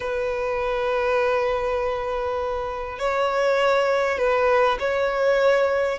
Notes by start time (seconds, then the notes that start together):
0.00 B4
2.98 C#5
4.18 B4
4.79 C#5